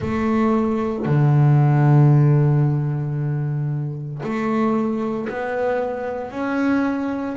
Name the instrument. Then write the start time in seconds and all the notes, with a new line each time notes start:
double bass
0.00 A3
1.05 D3
4.23 A3
5.28 B3
6.30 C#4